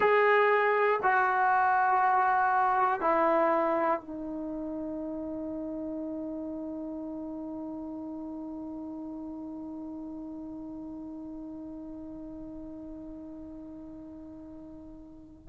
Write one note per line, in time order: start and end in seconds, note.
0.00 1.00 G#4
1.02 3.00 F#4
3.00 4.00 E4
4.00 15.48 D#4